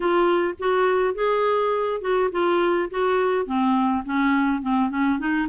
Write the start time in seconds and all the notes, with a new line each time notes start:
0.00 F4
0.59 F#4
1.14 G#4
2.01 F#4
2.31 F4
2.90 F#4
3.46 C4
4.05 C#4
4.62 C4
4.90 C#4
5.19 D#4